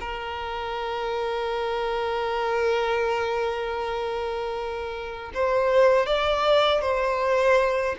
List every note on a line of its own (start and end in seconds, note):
0.00 5.32 A#4
5.34 6.06 C5
6.06 6.81 D5
6.81 7.95 C5